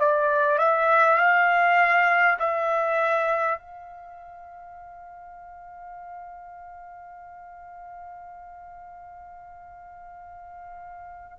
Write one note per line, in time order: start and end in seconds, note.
0.00 0.59 D5
0.59 1.19 E5
1.19 2.39 F5
2.40 3.59 E5
3.59 11.39 F5